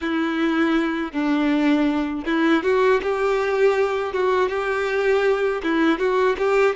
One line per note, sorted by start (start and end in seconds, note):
0.01 1.12 E4
1.12 2.25 D4
2.25 2.63 E4
2.63 3.00 F#4
3.02 4.13 G4
4.13 4.49 F#4
4.49 5.61 G4
5.62 5.98 E4
5.98 6.36 F#4
6.38 6.75 G4